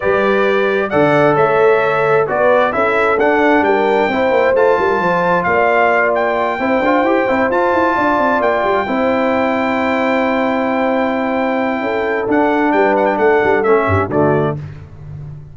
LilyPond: <<
  \new Staff \with { instrumentName = "trumpet" } { \time 4/4 \tempo 4 = 132 d''2 fis''4 e''4~ | e''4 d''4 e''4 fis''4 | g''2 a''2 | f''4. g''2~ g''8~ |
g''8 a''2 g''4.~ | g''1~ | g''2. fis''4 | g''8 fis''16 g''16 fis''4 e''4 d''4 | }
  \new Staff \with { instrumentName = "horn" } { \time 4/4 b'2 d''4 cis''4~ | cis''4 b'4 a'2 | ais'4 c''4. ais'8 c''4 | d''2~ d''8 c''4.~ |
c''4. d''2 c''8~ | c''1~ | c''2 a'2 | b'4 a'4. g'8 fis'4 | }
  \new Staff \with { instrumentName = "trombone" } { \time 4/4 g'2 a'2~ | a'4 fis'4 e'4 d'4~ | d'4 e'4 f'2~ | f'2~ f'8 e'8 f'8 g'8 |
e'8 f'2. e'8~ | e'1~ | e'2. d'4~ | d'2 cis'4 a4 | }
  \new Staff \with { instrumentName = "tuba" } { \time 4/4 g2 d4 a4~ | a4 b4 cis'4 d'4 | g4 c'8 ais8 a8 g8 f4 | ais2~ ais8 c'8 d'8 e'8 |
c'8 f'8 e'8 d'8 c'8 ais8 g8 c'8~ | c'1~ | c'2 cis'4 d'4 | g4 a8 g8 a8 g,8 d4 | }
>>